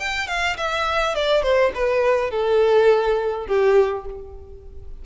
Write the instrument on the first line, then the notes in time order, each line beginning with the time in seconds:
violin
0.00 G5
0.28 F5
0.57 E5
1.16 D5
1.43 C5
1.75 B4
2.31 A4
3.47 G4